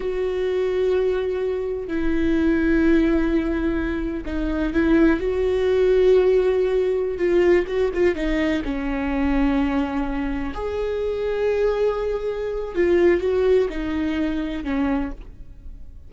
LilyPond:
\new Staff \with { instrumentName = "viola" } { \time 4/4 \tempo 4 = 127 fis'1 | e'1~ | e'4 dis'4 e'4 fis'4~ | fis'2.~ fis'16 f'8.~ |
f'16 fis'8 f'8 dis'4 cis'4.~ cis'16~ | cis'2~ cis'16 gis'4.~ gis'16~ | gis'2. f'4 | fis'4 dis'2 cis'4 | }